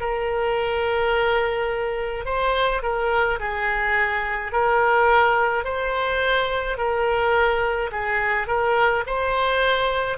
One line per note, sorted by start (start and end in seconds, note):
0.00 2.25 A#4
2.25 2.82 C5
2.83 3.39 A#4
3.40 4.52 G#4
4.52 5.64 A#4
5.64 6.78 C5
6.78 7.91 A#4
7.91 8.48 G#4
8.48 9.04 A#4
9.07 10.17 C5